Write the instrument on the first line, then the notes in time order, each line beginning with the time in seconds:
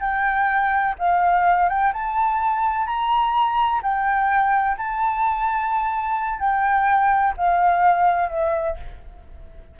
flute
0.00 G5
0.98 F5
1.69 G5
1.93 A5
2.86 A#5
3.82 G5
4.77 A5
6.39 G5
7.37 F5
8.29 E5